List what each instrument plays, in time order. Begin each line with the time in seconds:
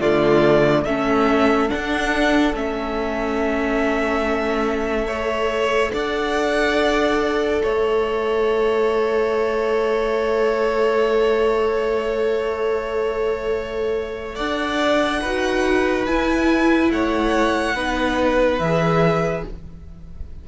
0.00 cello D3, viola A3, violin F4 D5
0.84 cello A3, viola C#4, violin A4 E5
1.69 viola D4, cello D4, violin F#5
2.53 cello A3, viola C#4, violin E5
5.07 viola A4, violin C#5
5.92 cello D4, violin D5 F#5
7.61 cello A3, violin C#5 E5
14.35 cello D4, violin D5 F#5
15.21 cello D#4, viola F#4, violin B4
16.06 cello E4, viola E4, violin G#5
16.90 cello A3, violin C#5 F#5
17.74 cello B3, viola D#4, violin B4
18.59 cello E3, viola G#4, violin E5